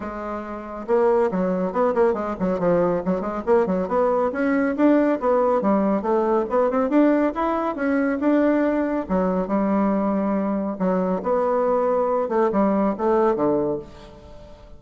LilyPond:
\new Staff \with { instrumentName = "bassoon" } { \time 4/4 \tempo 4 = 139 gis2 ais4 fis4 | b8 ais8 gis8 fis8 f4 fis8 gis8 | ais8 fis8 b4 cis'4 d'4 | b4 g4 a4 b8 c'8 |
d'4 e'4 cis'4 d'4~ | d'4 fis4 g2~ | g4 fis4 b2~ | b8 a8 g4 a4 d4 | }